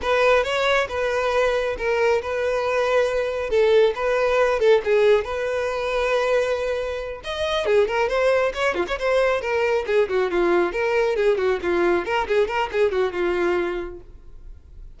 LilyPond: \new Staff \with { instrumentName = "violin" } { \time 4/4 \tempo 4 = 137 b'4 cis''4 b'2 | ais'4 b'2. | a'4 b'4. a'8 gis'4 | b'1~ |
b'8 dis''4 gis'8 ais'8 c''4 cis''8 | f'16 cis''16 c''4 ais'4 gis'8 fis'8 f'8~ | f'8 ais'4 gis'8 fis'8 f'4 ais'8 | gis'8 ais'8 gis'8 fis'8 f'2 | }